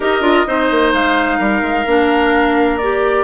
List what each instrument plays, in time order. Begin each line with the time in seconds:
0.00 bassoon D#4, clarinet G4, oboe A#4, flute D#5
0.20 bassoon D4, clarinet F4
0.46 bassoon C4, clarinet D#4, oboe C5
0.70 bassoon A#3
0.93 bassoon G#3, flute F5
1.38 bassoon G3, oboe A#4
1.61 bassoon G#3
1.86 bassoon A#3, clarinet D4
2.77 clarinet G4, flute D5